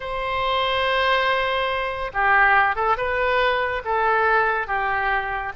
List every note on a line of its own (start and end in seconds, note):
0.00 2.11 C5
2.13 2.75 G4
2.75 2.97 A4
2.97 3.82 B4
3.84 4.67 A4
4.67 5.52 G4